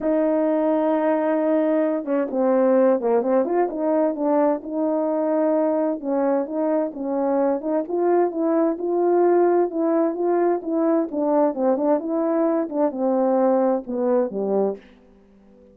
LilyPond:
\new Staff \with { instrumentName = "horn" } { \time 4/4 \tempo 4 = 130 dis'1~ | dis'8 cis'8 c'4. ais8 c'8 f'8 | dis'4 d'4 dis'2~ | dis'4 cis'4 dis'4 cis'4~ |
cis'8 dis'8 f'4 e'4 f'4~ | f'4 e'4 f'4 e'4 | d'4 c'8 d'8 e'4. d'8 | c'2 b4 g4 | }